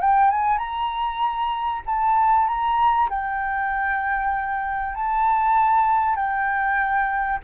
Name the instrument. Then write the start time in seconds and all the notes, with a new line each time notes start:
flute
0.00 G5
0.30 G#5
0.58 A#5
1.86 A5
2.47 A#5
3.10 G5
4.95 A5
6.15 G5